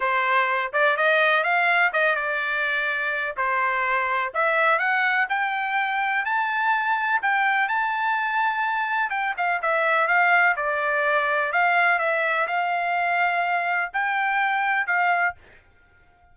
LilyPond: \new Staff \with { instrumentName = "trumpet" } { \time 4/4 \tempo 4 = 125 c''4. d''8 dis''4 f''4 | dis''8 d''2~ d''8 c''4~ | c''4 e''4 fis''4 g''4~ | g''4 a''2 g''4 |
a''2. g''8 f''8 | e''4 f''4 d''2 | f''4 e''4 f''2~ | f''4 g''2 f''4 | }